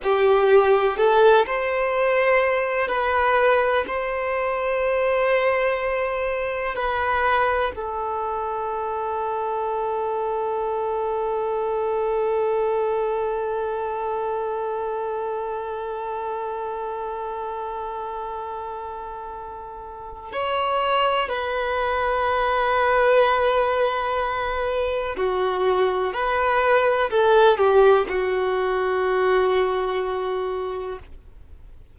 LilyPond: \new Staff \with { instrumentName = "violin" } { \time 4/4 \tempo 4 = 62 g'4 a'8 c''4. b'4 | c''2. b'4 | a'1~ | a'1~ |
a'1~ | a'4 cis''4 b'2~ | b'2 fis'4 b'4 | a'8 g'8 fis'2. | }